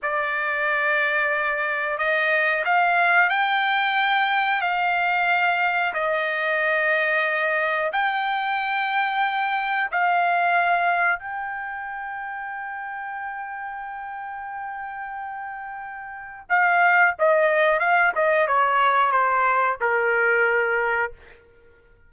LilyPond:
\new Staff \with { instrumentName = "trumpet" } { \time 4/4 \tempo 4 = 91 d''2. dis''4 | f''4 g''2 f''4~ | f''4 dis''2. | g''2. f''4~ |
f''4 g''2.~ | g''1~ | g''4 f''4 dis''4 f''8 dis''8 | cis''4 c''4 ais'2 | }